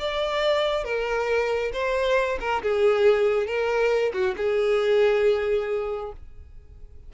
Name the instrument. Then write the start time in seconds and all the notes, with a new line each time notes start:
violin
0.00 D5
0.85 A#4
1.74 C5
2.41 A#4
2.63 G#4
3.47 A#4
4.14 F#4
4.37 G#4